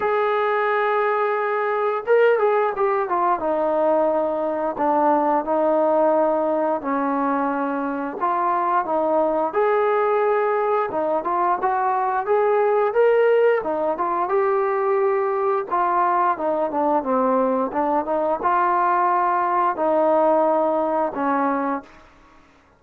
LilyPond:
\new Staff \with { instrumentName = "trombone" } { \time 4/4 \tempo 4 = 88 gis'2. ais'8 gis'8 | g'8 f'8 dis'2 d'4 | dis'2 cis'2 | f'4 dis'4 gis'2 |
dis'8 f'8 fis'4 gis'4 ais'4 | dis'8 f'8 g'2 f'4 | dis'8 d'8 c'4 d'8 dis'8 f'4~ | f'4 dis'2 cis'4 | }